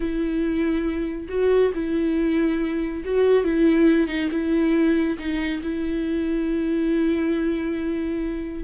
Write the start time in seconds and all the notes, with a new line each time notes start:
0.00 E4
1.28 F#4
1.74 E4
3.05 F#4
3.44 E4
4.07 D#4
4.31 E4
5.18 D#4
5.62 E4